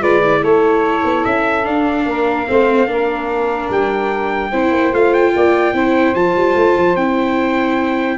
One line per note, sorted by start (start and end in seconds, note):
0.00 0.42 G#3
0.00 0.21 F4
0.00 0.41 B4
0.00 0.43 D5
0.23 1.63 E4
0.41 1.03 A3
0.41 2.05 A4
0.41 1.24 C#5
1.04 1.24 B3
1.24 1.65 C#4
1.24 1.65 E5
1.63 2.45 D4
1.63 2.05 D4
1.63 3.69 F5
2.05 2.46 A#3
2.05 2.48 A#4
2.46 2.87 A3
2.46 2.86 C4
2.46 2.89 C5
2.86 3.68 A#3
2.86 4.50 D4
2.86 4.51 A#4
3.69 4.51 G3
3.69 4.94 G5
4.51 4.71 C4
4.51 4.93 E4
4.51 5.32 C5
4.71 4.91 A#3
4.92 5.33 A3
4.92 5.74 F4
4.92 5.13 F5
5.13 6.14 G5
5.35 5.73 A#3
5.35 5.74 D5
5.73 6.14 C4
5.73 6.14 E4
5.73 8.17 C5
6.14 6.35 F3
6.14 6.96 F4
6.14 6.96 A5
6.35 6.55 G3
6.55 6.75 A3
6.77 6.95 F3
6.95 8.17 C4
6.95 8.17 E4
6.95 8.17 G5